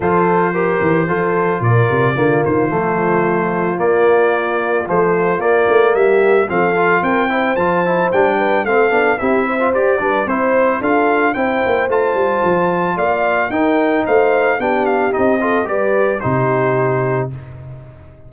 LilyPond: <<
  \new Staff \with { instrumentName = "trumpet" } { \time 4/4 \tempo 4 = 111 c''2. d''4~ | d''8 c''2~ c''8 d''4~ | d''4 c''4 d''4 e''4 | f''4 g''4 a''4 g''4 |
f''4 e''4 d''4 c''4 | f''4 g''4 a''2 | f''4 g''4 f''4 g''8 f''8 | dis''4 d''4 c''2 | }
  \new Staff \with { instrumentName = "horn" } { \time 4/4 a'4 ais'4 a'4 ais'4 | f'1~ | f'2. g'4 | a'4 ais'8 c''2 b'8 |
a'4 g'8 c''4 b'8 c''4 | a'4 c''2. | d''4 ais'4 c''4 g'4~ | g'8 a'8 b'4 g'2 | }
  \new Staff \with { instrumentName = "trombone" } { \time 4/4 f'4 g'4 f'2 | ais4 a2 ais4~ | ais4 f4 ais2 | c'8 f'4 e'8 f'8 e'8 d'4 |
c'8 d'8 e'8. f'16 g'8 d'8 e'4 | f'4 e'4 f'2~ | f'4 dis'2 d'4 | dis'8 f'8 g'4 dis'2 | }
  \new Staff \with { instrumentName = "tuba" } { \time 4/4 f4. e8 f4 ais,8 c8 | d8 dis8 f2 ais4~ | ais4 a4 ais8 a8 g4 | f4 c'4 f4 g4 |
a8 b8 c'4 g'8 g8 c'4 | d'4 c'8 ais8 a8 g8 f4 | ais4 dis'4 a4 b4 | c'4 g4 c2 | }
>>